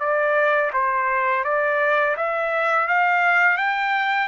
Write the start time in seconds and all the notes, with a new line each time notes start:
0.00 D5
0.73 C5
1.44 D5
2.17 E5
2.88 F5
3.57 G5